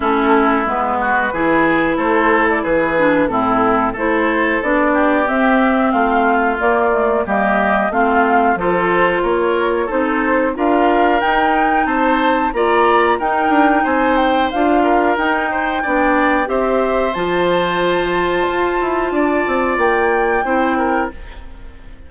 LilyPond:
<<
  \new Staff \with { instrumentName = "flute" } { \time 4/4 \tempo 4 = 91 a'4 b'2 c''8. d''16 | b'4 a'4 c''4 d''4 | e''4 f''4 d''4 dis''4 | f''4 c''4 cis''4 c''4 |
f''4 g''4 a''4 ais''4 | g''4 gis''8 g''8 f''4 g''4~ | g''4 e''4 a''2~ | a''2 g''2 | }
  \new Staff \with { instrumentName = "oboe" } { \time 4/4 e'4. fis'8 gis'4 a'4 | gis'4 e'4 a'4. g'8~ | g'4 f'2 g'4 | f'4 a'4 ais'4 a'4 |
ais'2 c''4 d''4 | ais'4 c''4. ais'4 c''8 | d''4 c''2.~ | c''4 d''2 c''8 ais'8 | }
  \new Staff \with { instrumentName = "clarinet" } { \time 4/4 cis'4 b4 e'2~ | e'8 d'8 c'4 e'4 d'4 | c'2 ais8 a8 ais4 | c'4 f'2 dis'4 |
f'4 dis'2 f'4 | dis'2 f'4 dis'4 | d'4 g'4 f'2~ | f'2. e'4 | }
  \new Staff \with { instrumentName = "bassoon" } { \time 4/4 a4 gis4 e4 a4 | e4 a,4 a4 b4 | c'4 a4 ais4 g4 | a4 f4 ais4 c'4 |
d'4 dis'4 c'4 ais4 | dis'8 d'8 c'4 d'4 dis'4 | b4 c'4 f2 | f'8 e'8 d'8 c'8 ais4 c'4 | }
>>